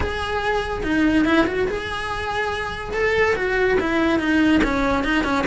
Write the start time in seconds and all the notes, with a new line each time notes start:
0.00 G#4
0.83 D#4
1.25 E4
1.46 F#4
1.68 G#4
2.93 A4
3.36 F#4
3.80 E4
4.19 D#4
4.63 C#4
5.03 D#4
5.23 C#4